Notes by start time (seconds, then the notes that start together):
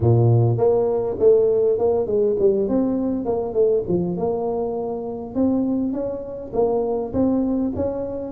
0.00 A#2
0.57 A#3
1.19 A3
1.78 A#3
2.06 G#3
2.39 G3
2.68 C4
3.25 A#3
3.53 A3
3.87 F3
4.17 A#3
5.35 C4
5.92 C#4
6.53 A#3
7.13 C4
7.75 C#4